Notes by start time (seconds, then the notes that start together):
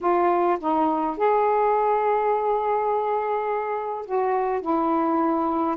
0.00 F4
0.59 D#4
1.17 G#4
4.05 F#4
4.61 E4